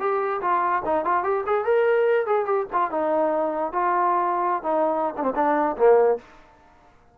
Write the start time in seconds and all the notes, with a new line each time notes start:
0.00 G4
0.42 F4
0.86 D#4
1.05 F4
1.24 G4
1.46 G#4
1.65 A#4
2.27 G#4
2.46 G4
2.73 F4
2.91 D#4
3.73 F4
4.63 D#4
5.18 C4 D4
5.36 D4
5.77 A#3